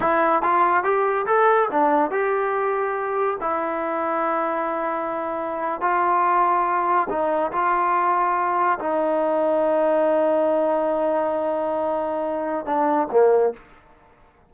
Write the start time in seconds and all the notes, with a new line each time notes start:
0.00 E4
0.42 F4
0.83 G4
1.26 A4
1.71 D4
2.10 G4
3.40 E4
5.81 F4
7.09 D#4
7.52 F4
8.79 D#4
12.65 D4
13.11 A#3